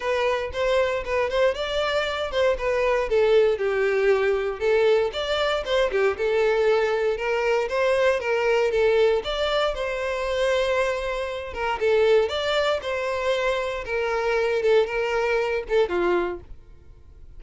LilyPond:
\new Staff \with { instrumentName = "violin" } { \time 4/4 \tempo 4 = 117 b'4 c''4 b'8 c''8 d''4~ | d''8 c''8 b'4 a'4 g'4~ | g'4 a'4 d''4 c''8 g'8 | a'2 ais'4 c''4 |
ais'4 a'4 d''4 c''4~ | c''2~ c''8 ais'8 a'4 | d''4 c''2 ais'4~ | ais'8 a'8 ais'4. a'8 f'4 | }